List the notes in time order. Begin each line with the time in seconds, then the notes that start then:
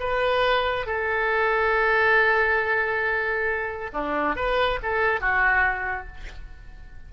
0.00 B4
0.86 A4
3.93 D4
4.36 B4
4.83 A4
5.21 F#4